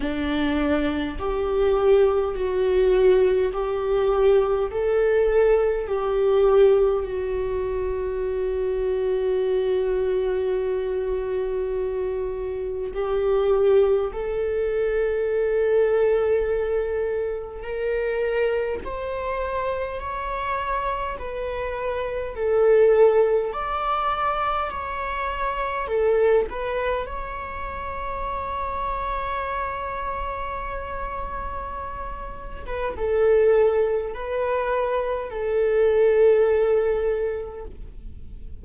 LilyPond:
\new Staff \with { instrumentName = "viola" } { \time 4/4 \tempo 4 = 51 d'4 g'4 fis'4 g'4 | a'4 g'4 fis'2~ | fis'2. g'4 | a'2. ais'4 |
c''4 cis''4 b'4 a'4 | d''4 cis''4 a'8 b'8 cis''4~ | cis''2.~ cis''8. b'16 | a'4 b'4 a'2 | }